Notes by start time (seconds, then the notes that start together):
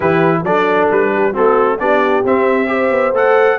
0.00 E3 E4 G4 B4
0.42 F#3 D4 A4 D5
0.91 G3 B4
1.13 G4
1.32 A3 C4 F#4 A4
1.78 B3 D4 G4 D5
2.24 C4 E5
2.66 G4 C5
2.90 B3
3.12 A3 A4 F#5